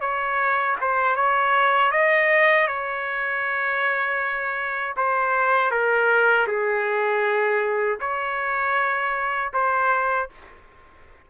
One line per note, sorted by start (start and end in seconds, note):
0.00 0.76 C#5
0.81 1.16 C5
1.16 1.91 C#5
1.91 2.67 D#5
2.67 4.95 C#5
4.96 5.71 C5
5.71 6.47 A#4
6.47 7.99 G#4
8.00 9.51 C#5
9.53 10.29 C5